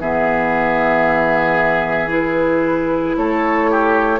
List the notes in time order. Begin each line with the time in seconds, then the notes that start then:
0.00 E3 B3 G#4 E5
2.09 E4 B4
3.17 A3 A4 C#5
3.71 G4